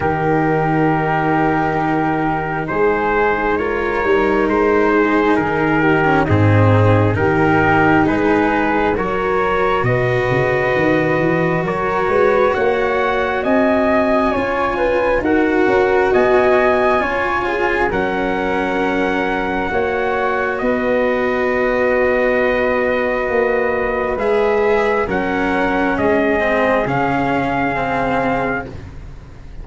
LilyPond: <<
  \new Staff \with { instrumentName = "trumpet" } { \time 4/4 \tempo 4 = 67 ais'2. c''4 | cis''4 c''4 ais'4 gis'4 | ais'4 b'4 cis''4 dis''4~ | dis''4 cis''4 fis''4 gis''4~ |
gis''4 fis''4 gis''2 | fis''2. dis''4~ | dis''2. e''4 | fis''4 dis''4 f''2 | }
  \new Staff \with { instrumentName = "flute" } { \time 4/4 g'2. gis'4 | ais'4. gis'4 g'8 dis'4 | g'4 gis'4 ais'4 b'4~ | b'4 ais'8 b'8 cis''4 dis''4 |
cis''8 b'8 ais'4 dis''4 cis''8 gis'8 | ais'2 cis''4 b'4~ | b'1 | ais'4 gis'2. | }
  \new Staff \with { instrumentName = "cello" } { \time 4/4 dis'1 | f'8 dis'2~ dis'16 cis'16 c'4 | dis'2 fis'2~ | fis'1 |
f'4 fis'2 f'4 | cis'2 fis'2~ | fis'2. gis'4 | cis'4. c'8 cis'4 c'4 | }
  \new Staff \with { instrumentName = "tuba" } { \time 4/4 dis2. gis4~ | gis8 g8 gis4 dis4 gis,4 | dis4 gis4 fis4 b,8 cis8 | dis8 e8 fis8 gis8 ais4 c'4 |
cis'4 dis'8 cis'8 b4 cis'4 | fis2 ais4 b4~ | b2 ais4 gis4 | fis4 gis4 cis2 | }
>>